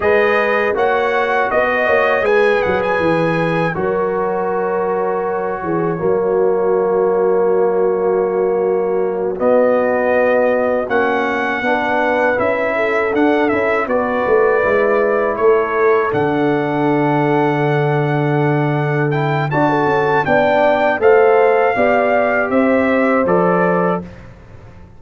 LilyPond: <<
  \new Staff \with { instrumentName = "trumpet" } { \time 4/4 \tempo 4 = 80 dis''4 fis''4 dis''4 gis''8 fis''16 gis''16~ | gis''4 cis''2.~ | cis''1~ | cis''8 dis''2 fis''4.~ |
fis''8 e''4 fis''8 e''8 d''4.~ | d''8 cis''4 fis''2~ fis''8~ | fis''4. g''8 a''4 g''4 | f''2 e''4 d''4 | }
  \new Staff \with { instrumentName = "horn" } { \time 4/4 b'4 cis''4 dis''8 cis''8 b'4~ | b'4 ais'2~ ais'8 gis'8 | fis'1~ | fis'2.~ fis'8 b'8~ |
b'4 a'4. b'4.~ | b'8 a'2.~ a'8~ | a'2 d''16 a'8. d''4 | c''4 d''4 c''2 | }
  \new Staff \with { instrumentName = "trombone" } { \time 4/4 gis'4 fis'2 gis'4~ | gis'4 fis'2. | ais1~ | ais8 b2 cis'4 d'8~ |
d'8 e'4 d'8 e'8 fis'4 e'8~ | e'4. d'2~ d'8~ | d'4. e'8 fis'4 d'4 | a'4 g'2 a'4 | }
  \new Staff \with { instrumentName = "tuba" } { \time 4/4 gis4 ais4 b8 ais8 gis8 fis8 | e4 fis2~ fis8 e8 | fis1~ | fis8 b2 ais4 b8~ |
b8 cis'4 d'8 cis'8 b8 a8 gis8~ | gis8 a4 d2~ d8~ | d2 d'8 cis'8 b4 | a4 b4 c'4 f4 | }
>>